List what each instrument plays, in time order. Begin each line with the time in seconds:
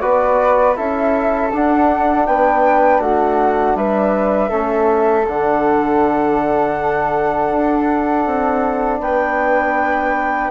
0.00 bassoon B3, trombone F#4, flute B4 D5
0.76 bassoon C#4, trombone E4, flute A4 E5
1.52 bassoon D4, trombone D4, flute F#5
2.26 bassoon B3, flute B4 G5
2.99 bassoon A3, flute F#4 F#5
3.75 bassoon G3, flute B4 E5
4.50 bassoon A3, trombone C#4, flute A4
5.28 bassoon D3, trombone D4, flute F#5
7.52 bassoon D4
8.26 bassoon C4
9.00 bassoon B3, flute B4 G5